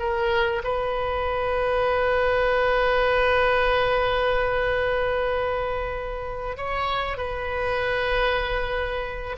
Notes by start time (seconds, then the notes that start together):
0.00 A#4
0.64 B4
6.58 C#5
7.18 B4